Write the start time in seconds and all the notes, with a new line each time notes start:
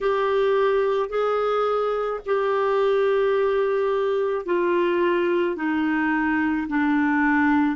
0.01 G4
1.09 G#4
2.26 G4
4.45 F4
5.56 D#4
6.68 D4